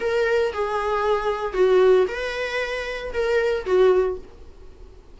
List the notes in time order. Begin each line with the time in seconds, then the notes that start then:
0.00 A#4
0.53 G#4
1.53 F#4
2.07 B4
3.13 A#4
3.65 F#4